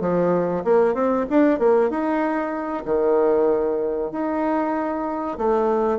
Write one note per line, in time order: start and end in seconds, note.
0.00 0.63 F3
0.64 0.94 A#3
0.94 1.26 C4
1.29 1.59 D4
1.59 1.89 A#3
1.89 2.84 D#4
2.85 4.11 D#3
4.11 5.38 D#4
5.38 5.98 A3